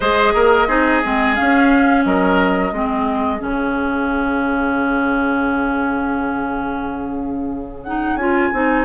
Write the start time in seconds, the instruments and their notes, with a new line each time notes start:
0.00 bassoon G#3, clarinet G#4, oboe C5, flute D#5
0.34 bassoon A#3, oboe A#4
0.67 bassoon C4, clarinet D#4, oboe G#4
1.03 bassoon G#3, clarinet C4
1.35 clarinet C#4, bassoon C#4, flute F5
2.04 bassoon F#3, oboe A#4, flute D#5
2.72 bassoon G#3, clarinet C4, oboe G#4
3.38 bassoon C#3, clarinet C#4, flute F5
7.83 clarinet D#4, flute F#5
8.15 bassoon C#4, clarinet F4, flute G#5
8.52 bassoon C4, clarinet D#4